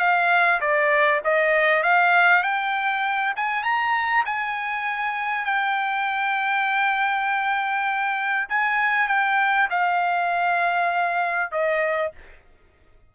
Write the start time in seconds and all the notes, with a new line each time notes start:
0.00 F5
0.61 D5
1.25 D#5
1.83 F5
2.43 G5
3.36 G#5
3.64 A#5
4.26 G#5
5.45 G5
8.50 G#5
9.09 G5
9.71 F5
11.52 D#5